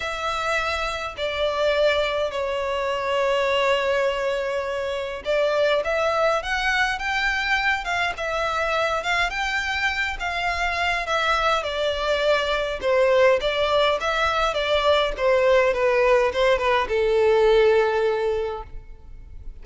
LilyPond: \new Staff \with { instrumentName = "violin" } { \time 4/4 \tempo 4 = 103 e''2 d''2 | cis''1~ | cis''4 d''4 e''4 fis''4 | g''4. f''8 e''4. f''8 |
g''4. f''4. e''4 | d''2 c''4 d''4 | e''4 d''4 c''4 b'4 | c''8 b'8 a'2. | }